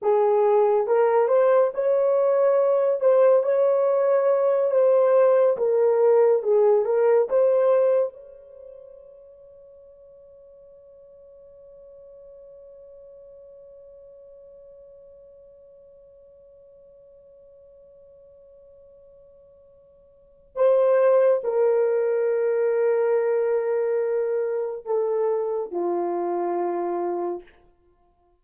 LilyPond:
\new Staff \with { instrumentName = "horn" } { \time 4/4 \tempo 4 = 70 gis'4 ais'8 c''8 cis''4. c''8 | cis''4. c''4 ais'4 gis'8 | ais'8 c''4 cis''2~ cis''8~ | cis''1~ |
cis''1~ | cis''1 | c''4 ais'2.~ | ais'4 a'4 f'2 | }